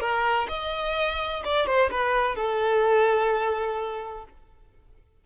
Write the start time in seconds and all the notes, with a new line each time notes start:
0.00 A#4
0.48 D#5
1.44 D5
1.66 C5
1.91 B4
2.35 A4